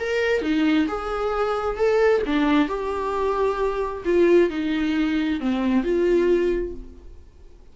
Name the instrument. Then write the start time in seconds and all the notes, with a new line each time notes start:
viola
0.00 A#4
0.42 D#4
0.88 G#4
1.77 A4
2.27 D4
2.69 G4
4.05 F4
4.50 D#4
5.41 C4
5.84 F4